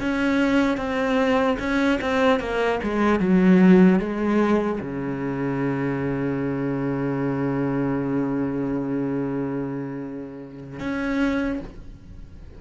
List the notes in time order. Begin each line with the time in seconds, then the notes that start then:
0.00 C#4
0.77 C4
1.59 C#4
2.01 C4
2.40 A#3
2.83 G#3
3.20 F#3
3.99 G#3
4.80 C#3
10.80 C#4